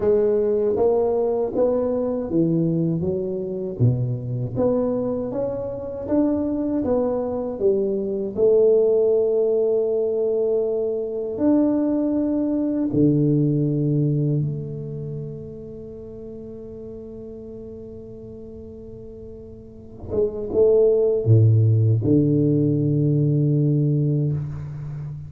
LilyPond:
\new Staff \with { instrumentName = "tuba" } { \time 4/4 \tempo 4 = 79 gis4 ais4 b4 e4 | fis4 b,4 b4 cis'4 | d'4 b4 g4 a4~ | a2. d'4~ |
d'4 d2 a4~ | a1~ | a2~ a8 gis8 a4 | a,4 d2. | }